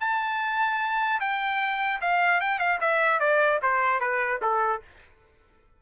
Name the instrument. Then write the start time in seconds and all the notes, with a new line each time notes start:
trumpet
0.00 A5
1.20 G5
2.01 F5
2.40 G5
2.59 F5
2.80 E5
3.19 D5
3.62 C5
4.00 B4
4.42 A4